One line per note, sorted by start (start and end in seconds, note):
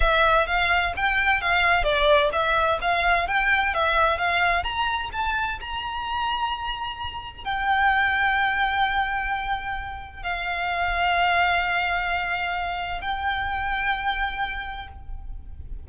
0.00 0.47 E5
0.47 0.93 F5
0.96 1.41 G5
1.41 1.83 F5
1.83 2.30 D5
2.32 2.78 E5
2.81 3.27 F5
3.27 3.73 G5
3.73 4.18 E5
4.18 4.63 F5
4.63 5.10 A#5
5.12 5.59 A5
5.60 7.44 A#5
7.44 10.23 G5
10.23 13.01 F5
13.01 14.87 G5